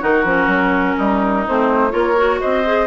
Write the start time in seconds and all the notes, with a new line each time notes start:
0.00 D#3 D#4 F#4 A#4
0.24 F3 C#4
0.47 F#3
0.96 G3 D#4
1.47 A3 C4 C5
1.90 A#3 F4 A#4 C#5
2.17 F#4
2.41 C4 C5 D#5
2.65 G#4